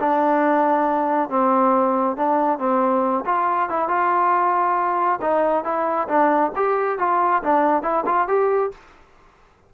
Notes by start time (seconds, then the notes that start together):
0.00 D4
1.29 C4
2.17 D4
2.59 C4
3.25 F4
3.69 E4
3.88 F4
5.21 D#4
5.64 E4
6.08 D4
6.56 G4
6.99 F4
7.43 D4
7.83 E4
8.06 F4
8.28 G4